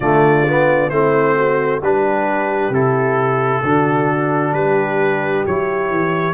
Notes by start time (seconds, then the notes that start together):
0.00 D3 A3 F4 D5
0.47 B3
0.89 A3 C4 E4 C5
1.35 F#4
1.81 G3 D4 G4 B4
2.69 C3 E4 A4
3.62 D3 D4 F#4
4.52 G3 G4 B4
5.46 F#3 E4 C#5
5.91 E3